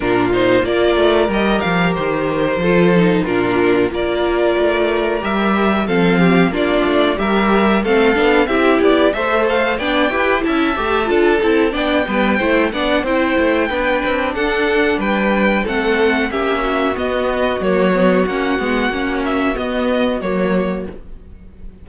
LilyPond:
<<
  \new Staff \with { instrumentName = "violin" } { \time 4/4 \tempo 4 = 92 ais'8 c''8 d''4 dis''8 f''8 c''4~ | c''4 ais'4 d''2 | e''4 f''4 d''4 e''4 | f''4 e''8 d''8 e''8 f''8 g''4 |
a''2 g''4. fis''8 | g''2 fis''4 g''4 | fis''4 e''4 dis''4 cis''4 | fis''4. e''8 dis''4 cis''4 | }
  \new Staff \with { instrumentName = "violin" } { \time 4/4 f'4 ais'2. | a'4 f'4 ais'2~ | ais'4 a'8 g'8 f'4 ais'4 | a'4 g'4 c''4 d''8 b'8 |
e''4 a'4 d''8 b'8 c''8 d''8 | c''4 b'4 a'4 b'4 | a'4 g'8 fis'2~ fis'8~ | fis'1 | }
  \new Staff \with { instrumentName = "viola" } { \time 4/4 d'8 dis'8 f'4 g'2 | f'8 dis'8 d'4 f'2 | g'4 c'4 d'4 g'4 | c'8 d'8 e'4 a'4 d'8 g'8 |
e'8 g'8 f'8 e'8 d'8 b8 e'8 d'8 | e'4 d'2. | c'4 cis'4 b4 ais8 b8 | cis'8 b8 cis'4 b4 ais4 | }
  \new Staff \with { instrumentName = "cello" } { \time 4/4 ais,4 ais8 a8 g8 f8 dis4 | f4 ais,4 ais4 a4 | g4 f4 ais8 a8 g4 | a8 b8 c'8 b8 a4 b8 e'8 |
cis'8 a8 d'8 c'8 b8 g8 a8 b8 | c'8 a8 b8 c'8 d'4 g4 | a4 ais4 b4 fis4 | ais8 gis8 ais4 b4 fis4 | }
>>